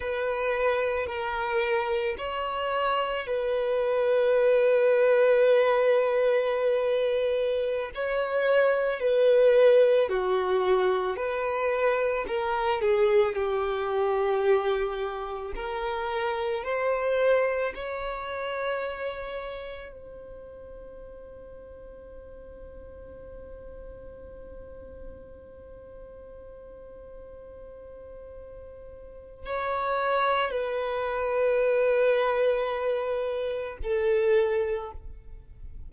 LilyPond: \new Staff \with { instrumentName = "violin" } { \time 4/4 \tempo 4 = 55 b'4 ais'4 cis''4 b'4~ | b'2.~ b'16 cis''8.~ | cis''16 b'4 fis'4 b'4 ais'8 gis'16~ | gis'16 g'2 ais'4 c''8.~ |
c''16 cis''2 c''4.~ c''16~ | c''1~ | c''2. cis''4 | b'2. a'4 | }